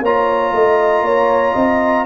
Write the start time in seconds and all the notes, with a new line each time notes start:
0.00 A#3 F4 C#5 A#5
0.52 A3 D#5
1.01 A#3 C#5
1.52 C4 D#5